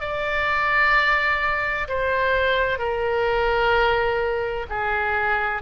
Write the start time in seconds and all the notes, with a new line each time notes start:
0.00 D5
1.88 C5
2.79 A#4
4.69 G#4